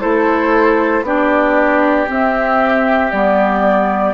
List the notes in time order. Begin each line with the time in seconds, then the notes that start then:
0.00 A3 E4 A4 C5
1.02 B3 D4 G4 D5
2.07 C4 E5
3.11 G3 B3 D5